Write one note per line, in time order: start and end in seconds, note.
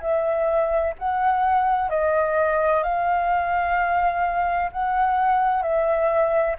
0.00 0.94 E5
0.98 1.89 F#5
1.89 2.83 D#5
2.83 4.70 F5
4.71 5.62 F#5
5.62 6.55 E5